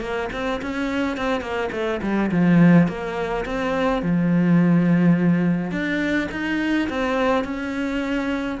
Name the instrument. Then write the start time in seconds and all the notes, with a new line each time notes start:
cello
0.00 A#3
0.32 C4
0.61 C#4
1.17 C4
1.41 A#3
1.71 A3
2.02 G3
2.31 F3
2.88 A#3
3.45 C4
4.02 F3
5.71 D4
6.31 D#4
6.89 C4
7.44 C#4